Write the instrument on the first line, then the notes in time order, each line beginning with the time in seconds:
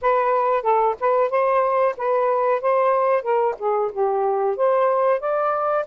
saxophone
0.01 B4
0.62 A4
1.00 B4
1.30 C5
1.97 B4
2.61 C5
3.22 A#4
3.58 G#4
3.92 G4
4.56 C5
5.20 D5